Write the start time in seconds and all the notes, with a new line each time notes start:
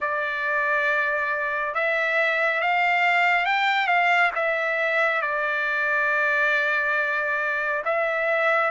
0.00 D5
1.74 E5
2.60 F5
3.45 G5
3.87 F5
4.35 E5
5.21 D5
7.84 E5